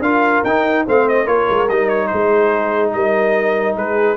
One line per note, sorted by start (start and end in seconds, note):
0.00 0.41 D4
0.00 0.45 F4
0.00 0.85 A#4
0.00 0.44 F5
0.44 0.86 D#4
0.44 0.88 D#4
0.44 0.86 G5
0.86 1.28 A3
0.86 1.26 C4
0.86 1.24 C5
0.86 1.09 F5
1.09 1.27 D#5
1.24 1.49 A#3
1.24 1.68 F4
1.24 2.07 A#4
1.24 1.69 C#5
1.50 1.70 G#3
1.69 2.11 G3
1.69 4.17 D#4
1.69 1.89 D#5
1.89 2.07 C#5
2.07 2.94 G#3
2.07 2.94 G#4
2.07 2.90 C5
2.93 3.76 G3
2.93 3.77 A#4
2.93 3.76 D#5
3.76 4.17 G#3
3.76 4.17 G#4
3.76 4.17 B4